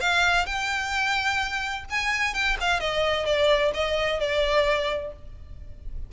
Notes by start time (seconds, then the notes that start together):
0.00 F5
0.46 G5
1.90 G#5
2.34 G5
2.60 F5
2.80 D#5
3.25 D5
3.74 D#5
4.20 D5